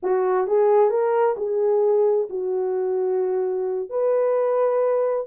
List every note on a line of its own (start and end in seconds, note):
0.02 0.47 F#4
0.47 0.89 G#4
0.89 1.35 A#4
1.36 2.28 G#4
2.29 3.89 F#4
3.89 5.27 B4